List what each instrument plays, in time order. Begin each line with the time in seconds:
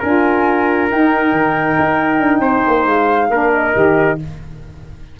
0.00 tuba D4, saxophone F4, trumpet A#4, flute G#5
0.90 saxophone D#4, tuba D#4, flute G5
1.32 tuba D#3
1.79 tuba D#4
2.19 tuba D4
2.40 tuba C4, trumpet C5
2.67 tuba A#3
2.86 tuba G#3, flute F5
3.30 tuba A#3, saxophone D4, trumpet A#4
3.53 flute D#5
3.75 tuba D#3, saxophone G4